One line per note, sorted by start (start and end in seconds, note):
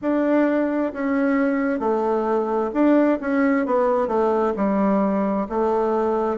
0.01 0.92 D4
0.93 1.79 C#4
1.79 2.70 A3
2.73 3.19 D4
3.20 3.66 C#4
3.66 4.07 B3
4.07 4.53 A3
4.56 5.47 G3
5.49 6.37 A3